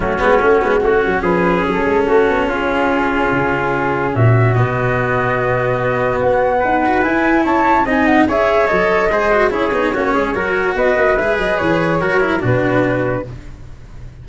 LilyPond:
<<
  \new Staff \with { instrumentName = "flute" } { \time 4/4 \tempo 4 = 145 fis'2. b'4 | a'2 gis'2~ | gis'2 e''4 dis''4~ | dis''2. fis''4~ |
fis''4 gis''4 a''4 gis''8 fis''8 | e''4 dis''2 cis''4~ | cis''2 dis''4 e''8 dis''8 | cis''2 b'2 | }
  \new Staff \with { instrumentName = "trumpet" } { \time 4/4 cis'2 fis'4 gis'4~ | gis'4 fis'4 f'2~ | f'2 fis'2~ | fis'1 |
b'2 cis''4 dis''4 | cis''2 c''4 gis'4 | fis'8 gis'8 ais'4 b'2~ | b'4 ais'4 fis'2 | }
  \new Staff \with { instrumentName = "cello" } { \time 4/4 a8 b8 cis'8 b8 cis'2~ | cis'1~ | cis'2. b4~ | b1~ |
b8 fis'8 e'2 dis'4 | gis'4 a'4 gis'8 fis'8 e'8 dis'8 | cis'4 fis'2 gis'4~ | gis'4 fis'8 e'8 d'2 | }
  \new Staff \with { instrumentName = "tuba" } { \time 4/4 fis8 gis8 a8 gis8 a8 fis8 f4 | fis8 gis8 a8 b8 cis'2 | cis2 ais,4 b,4~ | b,2. b4 |
dis'4 e'4 cis'4 c'4 | cis'4 fis4 gis4 cis'8 b8 | ais8 gis8 fis4 b8 ais8 gis8 fis8 | e4 fis4 b,2 | }
>>